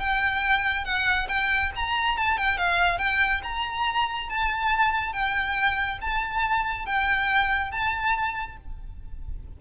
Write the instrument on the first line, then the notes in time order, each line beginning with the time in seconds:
violin
0.00 G5
0.85 F#5
1.29 G5
1.76 A#5
2.17 A5
2.38 G5
2.58 F5
2.99 G5
3.44 A#5
4.30 A5
5.13 G5
6.01 A5
6.86 G5
7.71 A5